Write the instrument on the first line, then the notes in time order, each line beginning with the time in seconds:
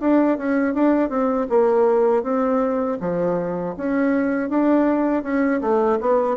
bassoon
0.00 D4
0.38 C#4
0.74 D4
1.09 C4
1.49 A#3
2.23 C4
3.00 F3
3.77 C#4
4.49 D4
5.23 C#4
5.61 A3
6.00 B3